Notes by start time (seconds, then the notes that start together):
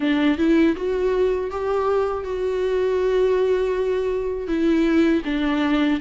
0.00 D4
0.38 E4
0.76 F#4
1.50 G4
2.24 F#4
4.47 E4
5.25 D4